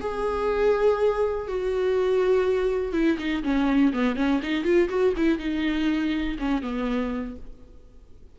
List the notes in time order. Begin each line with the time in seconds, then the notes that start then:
0.00 G#4
1.48 F#4
2.93 E4
3.18 D#4
3.43 C#4
3.93 B3
4.16 C#4
4.43 D#4
4.64 F4
4.89 F#4
5.17 E4
5.38 D#4
6.39 C#4
6.62 B3